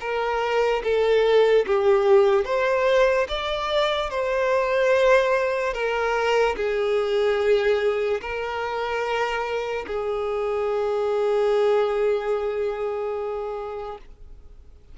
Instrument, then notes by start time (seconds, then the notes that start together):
violin
0.00 A#4
0.83 A4
1.66 G4
2.45 C5
3.28 D5
4.09 C5
5.73 A#4
6.56 G#4
8.21 A#4
9.87 G#4